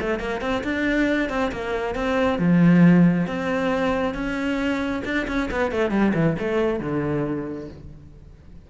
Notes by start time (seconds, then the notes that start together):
0.00 A3
0.19 A#3
0.41 C4
0.63 D4
1.29 C4
1.51 A#3
1.95 C4
2.38 F3
3.26 C4
4.14 C#4
5.04 D4
5.27 C#4
5.51 B3
5.71 A3
5.90 G3
6.14 E3
6.39 A3
6.80 D3